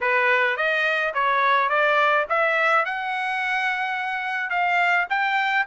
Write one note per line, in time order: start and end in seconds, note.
0.01 0.56 B4
0.56 1.13 D#5
1.14 1.69 C#5
1.69 2.25 D5
2.29 2.85 E5
2.85 4.49 F#5
4.49 5.06 F5
5.09 5.66 G5